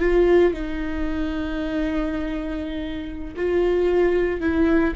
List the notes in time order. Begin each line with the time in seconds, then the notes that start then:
0.00 F4
0.54 D#4
3.37 F4
4.41 E4